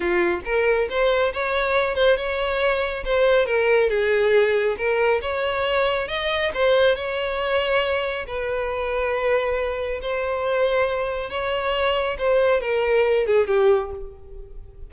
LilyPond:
\new Staff \with { instrumentName = "violin" } { \time 4/4 \tempo 4 = 138 f'4 ais'4 c''4 cis''4~ | cis''8 c''8 cis''2 c''4 | ais'4 gis'2 ais'4 | cis''2 dis''4 c''4 |
cis''2. b'4~ | b'2. c''4~ | c''2 cis''2 | c''4 ais'4. gis'8 g'4 | }